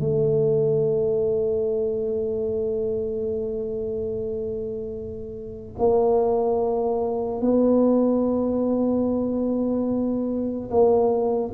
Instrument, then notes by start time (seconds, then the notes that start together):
tuba
0.00 A3
5.79 A#3
7.41 B3
10.70 A#3